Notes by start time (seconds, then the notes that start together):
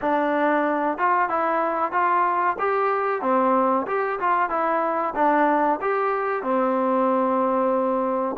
0.01 D4
0.98 F4
1.29 E4
1.91 F4
2.58 G4
3.21 C4
3.87 G4
4.19 F4
4.49 E4
5.15 D4
5.81 G4
6.42 C4